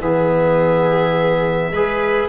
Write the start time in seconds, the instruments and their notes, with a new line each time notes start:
0.00 tuba E3, trombone B3, viola G#4, oboe E5
1.71 tuba G#3, trombone G#4, viola B4